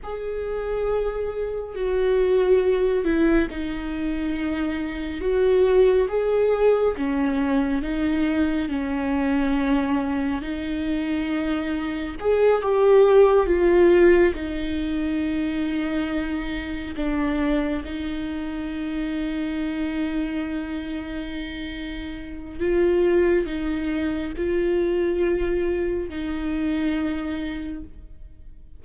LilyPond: \new Staff \with { instrumentName = "viola" } { \time 4/4 \tempo 4 = 69 gis'2 fis'4. e'8 | dis'2 fis'4 gis'4 | cis'4 dis'4 cis'2 | dis'2 gis'8 g'4 f'8~ |
f'8 dis'2. d'8~ | d'8 dis'2.~ dis'8~ | dis'2 f'4 dis'4 | f'2 dis'2 | }